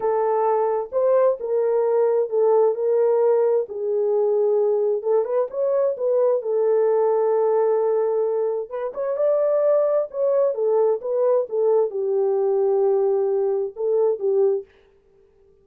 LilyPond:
\new Staff \with { instrumentName = "horn" } { \time 4/4 \tempo 4 = 131 a'2 c''4 ais'4~ | ais'4 a'4 ais'2 | gis'2. a'8 b'8 | cis''4 b'4 a'2~ |
a'2. b'8 cis''8 | d''2 cis''4 a'4 | b'4 a'4 g'2~ | g'2 a'4 g'4 | }